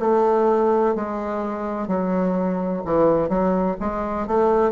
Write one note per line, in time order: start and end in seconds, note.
0.00 0.95 A3
0.95 1.88 G#3
1.88 2.83 F#3
2.85 3.29 E3
3.29 3.77 F#3
3.80 4.28 G#3
4.28 4.72 A3